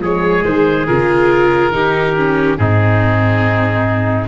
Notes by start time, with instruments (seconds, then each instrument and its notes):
0.00 tuba F3, viola G#3, trumpet G#4, oboe C#5
0.44 tuba D#3, oboe C5
0.87 tuba C#3, viola F4, oboe A#4
1.71 tuba D#3, viola D#4, trumpet G4
2.17 viola C#4
2.57 tuba G#2, viola C4, trumpet D#4, oboe G#4